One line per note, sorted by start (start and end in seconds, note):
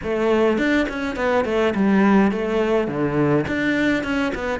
0.03 0.57 A3
0.57 0.86 D4
0.88 1.16 C#4
1.16 1.44 B3
1.44 1.73 A3
1.75 2.31 G3
2.31 2.87 A3
2.87 3.45 D3
3.47 4.03 D4
4.03 4.32 C#4
4.34 4.59 B3